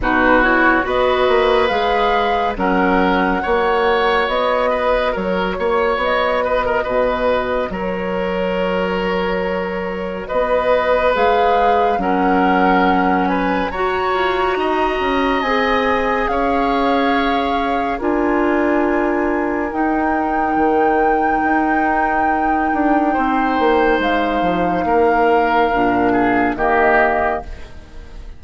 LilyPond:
<<
  \new Staff \with { instrumentName = "flute" } { \time 4/4 \tempo 4 = 70 b'8 cis''8 dis''4 f''4 fis''4~ | fis''4 dis''4 cis''4 dis''4~ | dis''4 cis''2. | dis''4 f''4 fis''4. gis''8 |
ais''2 gis''4 f''4~ | f''4 gis''2 g''4~ | g''1 | f''2. dis''4 | }
  \new Staff \with { instrumentName = "oboe" } { \time 4/4 fis'4 b'2 ais'4 | cis''4. b'8 ais'8 cis''4 b'16 ais'16 | b'4 ais'2. | b'2 ais'4. b'8 |
cis''4 dis''2 cis''4~ | cis''4 ais'2.~ | ais'2. c''4~ | c''4 ais'4. gis'8 g'4 | }
  \new Staff \with { instrumentName = "clarinet" } { \time 4/4 dis'8 e'8 fis'4 gis'4 cis'4 | fis'1~ | fis'1~ | fis'4 gis'4 cis'2 |
fis'2 gis'2~ | gis'4 f'2 dis'4~ | dis'1~ | dis'2 d'4 ais4 | }
  \new Staff \with { instrumentName = "bassoon" } { \time 4/4 b,4 b8 ais8 gis4 fis4 | ais4 b4 fis8 ais8 b4 | b,4 fis2. | b4 gis4 fis2 |
fis'8 f'8 dis'8 cis'8 c'4 cis'4~ | cis'4 d'2 dis'4 | dis4 dis'4. d'8 c'8 ais8 | gis8 f8 ais4 ais,4 dis4 | }
>>